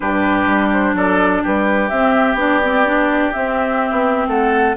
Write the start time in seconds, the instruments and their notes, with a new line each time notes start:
0.00 bassoon G2, clarinet D4, oboe G4, flute B4
0.46 bassoon G3
0.72 flute C5
0.93 bassoon F#3, oboe A4, flute D5
1.42 bassoon G3, oboe G4, flute B4
1.88 bassoon C4, clarinet C4, flute E5
2.33 bassoon B3, clarinet D4
2.40 flute D5
2.62 clarinet C4
2.85 clarinet D4
3.32 clarinet C4, bassoon C4, flute E5
3.91 bassoon B3
4.27 bassoon A3, oboe A4, flute F#5